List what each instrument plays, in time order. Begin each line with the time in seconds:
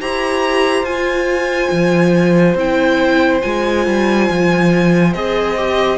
0.00 cello E4, viola G4, violin C5 A#5
0.82 cello F4, viola F4, violin G#5
1.71 cello F3
2.55 cello C4, viola E4, violin G5
3.41 cello G#3, viola F4, violin G#5
3.86 cello G3
4.30 cello F3
5.13 cello C4, viola G#4, violin D#5
5.57 viola G4